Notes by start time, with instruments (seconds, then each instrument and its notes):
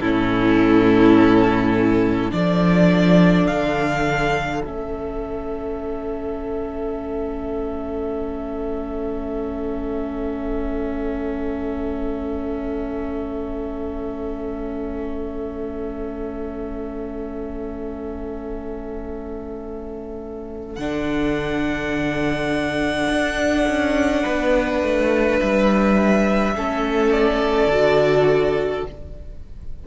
0.00 cello A2, viola C#4, violin E4 A4
2.31 cello F3, viola D4, violin A4 D5
3.47 cello D3, violin F5
4.65 cello A3, viola C#4, violin E5
20.75 cello D3, viola D4, violin F#5
23.09 cello D4
23.67 cello C#4
24.23 cello B3, violin B4
24.82 cello A3
25.39 cello G3, violin E5
26.56 cello A3, viola C#4, violin A4
27.12 violin D5
27.67 cello D3, viola F#4